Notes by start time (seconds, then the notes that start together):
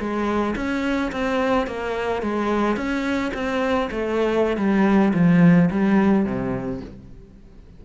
0.00 G#3
0.56 C#4
1.12 C4
1.67 A#3
2.22 G#3
2.77 C#4
3.34 C4
3.91 A3
4.57 G3
5.14 F3
5.71 G3
6.26 C3